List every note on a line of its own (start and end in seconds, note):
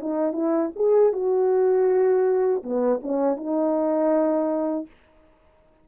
0.00 0.32 D#4
0.32 0.70 E4
0.76 1.12 G#4
1.12 2.62 F#4
2.63 3.00 B3
3.02 3.36 C#4
3.36 4.86 D#4